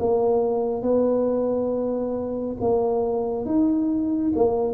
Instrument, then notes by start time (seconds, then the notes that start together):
tuba
0.00 A#3
0.83 B3
2.61 A#3
3.46 D#4
4.36 A#3